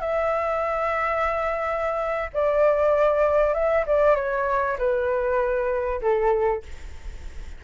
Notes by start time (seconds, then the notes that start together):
0.00 E5
2.33 D5
3.54 E5
3.86 D5
4.15 C#5
4.78 B4
6.01 A4